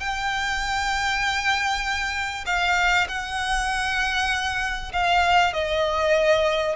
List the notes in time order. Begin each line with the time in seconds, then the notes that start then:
0.00 G5
2.46 F5
3.08 F#5
4.93 F5
5.53 D#5